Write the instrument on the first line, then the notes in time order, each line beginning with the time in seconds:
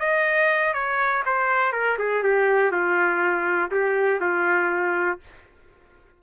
trumpet
0.00 D#5
0.74 C#5
1.26 C5
1.73 A#4
1.99 G#4
2.24 G4
2.72 F4
3.71 G4
4.21 F4